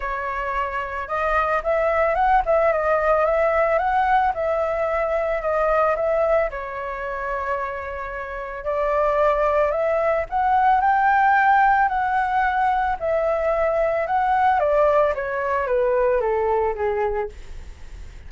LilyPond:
\new Staff \with { instrumentName = "flute" } { \time 4/4 \tempo 4 = 111 cis''2 dis''4 e''4 | fis''8 e''8 dis''4 e''4 fis''4 | e''2 dis''4 e''4 | cis''1 |
d''2 e''4 fis''4 | g''2 fis''2 | e''2 fis''4 d''4 | cis''4 b'4 a'4 gis'4 | }